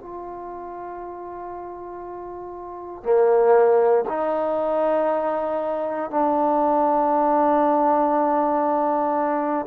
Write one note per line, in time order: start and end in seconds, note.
0.00 3.03 F4
3.03 4.04 A#3
4.09 6.10 D#4
6.10 9.66 D4